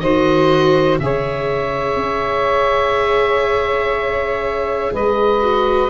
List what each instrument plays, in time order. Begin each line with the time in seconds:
0.00 tuba D#3, viola F#4, saxophone C5, oboe D#5
1.00 tuba C#3, viola G#4, saxophone C#5, oboe E5
1.95 tuba C#4
4.93 tuba G#3, saxophone B4, oboe D#5
5.41 viola F#4